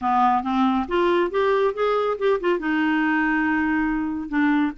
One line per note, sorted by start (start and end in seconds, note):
0.01 0.43 B3
0.43 0.86 C4
0.88 1.30 F4
1.30 1.73 G4
1.73 2.17 G#4
2.18 2.40 G4
2.40 2.59 F4
2.59 4.29 D#4
4.29 4.72 D4